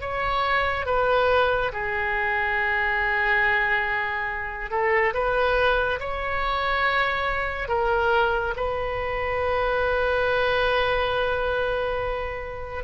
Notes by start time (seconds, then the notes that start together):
0.00 C#5
0.86 B4
1.72 G#4
4.70 A4
5.14 B4
6.00 C#5
7.68 A#4
8.56 B4